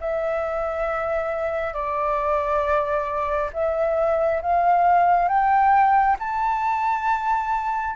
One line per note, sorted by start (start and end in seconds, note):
0.00 1.74 E5
1.74 3.50 D5
3.53 4.41 E5
4.42 5.28 F5
5.28 6.16 G5
6.19 7.96 A5